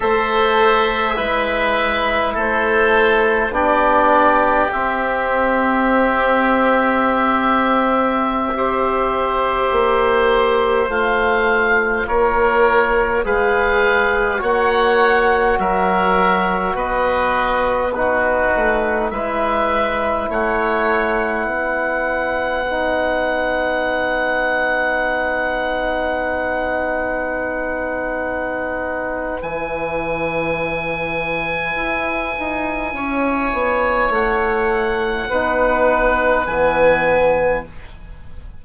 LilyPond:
<<
  \new Staff \with { instrumentName = "oboe" } { \time 4/4 \tempo 4 = 51 e''2 c''4 d''4 | e''1~ | e''4~ e''16 f''4 cis''4 f''8.~ | f''16 fis''4 e''4 dis''4 b'8.~ |
b'16 e''4 fis''2~ fis''8.~ | fis''1~ | fis''4 gis''2.~ | gis''4 fis''2 gis''4 | }
  \new Staff \with { instrumentName = "oboe" } { \time 4/4 c''4 b'4 a'4 g'4~ | g'2.~ g'16 c''8.~ | c''2~ c''16 ais'4 b'8.~ | b'16 cis''4 ais'4 b'4 fis'8.~ |
fis'16 b'4 cis''4 b'4.~ b'16~ | b'1~ | b'1 | cis''2 b'2 | }
  \new Staff \with { instrumentName = "trombone" } { \time 4/4 a'4 e'2 d'4 | c'2.~ c'16 g'8.~ | g'4~ g'16 f'2 gis'8.~ | gis'16 fis'2. dis'8.~ |
dis'16 e'2. dis'8.~ | dis'1~ | dis'4 e'2.~ | e'2 dis'4 b4 | }
  \new Staff \with { instrumentName = "bassoon" } { \time 4/4 a4 gis4 a4 b4 | c'1~ | c'16 ais4 a4 ais4 gis8.~ | gis16 ais4 fis4 b4. a16~ |
a16 gis4 a4 b4.~ b16~ | b1~ | b4 e2 e'8 dis'8 | cis'8 b8 a4 b4 e4 | }
>>